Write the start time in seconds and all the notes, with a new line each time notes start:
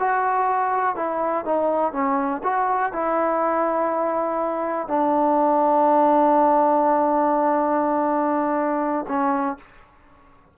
0.00 F#4
0.96 E4
1.45 D#4
1.93 C#4
2.44 F#4
2.93 E4
4.88 D4
9.09 C#4